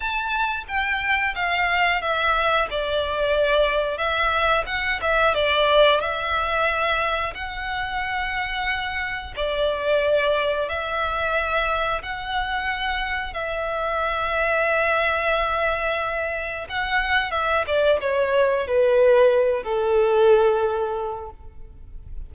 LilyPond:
\new Staff \with { instrumentName = "violin" } { \time 4/4 \tempo 4 = 90 a''4 g''4 f''4 e''4 | d''2 e''4 fis''8 e''8 | d''4 e''2 fis''4~ | fis''2 d''2 |
e''2 fis''2 | e''1~ | e''4 fis''4 e''8 d''8 cis''4 | b'4. a'2~ a'8 | }